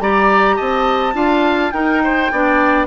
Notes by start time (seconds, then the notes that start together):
0.00 G3 G4 D5 A#5
0.56 C4 D#5 A5
1.14 D4 F4 F5
1.71 D#4 A#4 G5
2.04 C5
2.32 B3 D4 D5